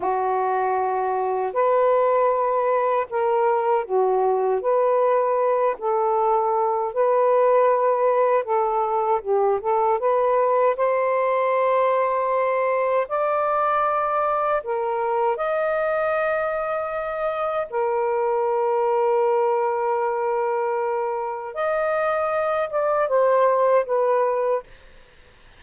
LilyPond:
\new Staff \with { instrumentName = "saxophone" } { \time 4/4 \tempo 4 = 78 fis'2 b'2 | ais'4 fis'4 b'4. a'8~ | a'4 b'2 a'4 | g'8 a'8 b'4 c''2~ |
c''4 d''2 ais'4 | dis''2. ais'4~ | ais'1 | dis''4. d''8 c''4 b'4 | }